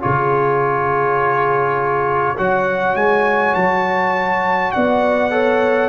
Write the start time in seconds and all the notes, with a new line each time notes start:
0.00 C#3 F4 G#4 C#5
2.37 F#3 F#4 C#5 F#5
2.95 G#3 G#5
3.54 F#3 A5
4.72 B3 D5 F#5
5.31 A4 C#5